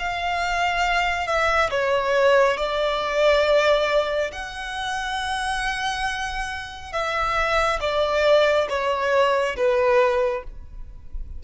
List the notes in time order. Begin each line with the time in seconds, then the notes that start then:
0.00 F5
1.27 E5
1.71 C#5
2.58 D5
4.32 F#5
6.93 E5
7.81 D5
8.70 C#5
9.57 B4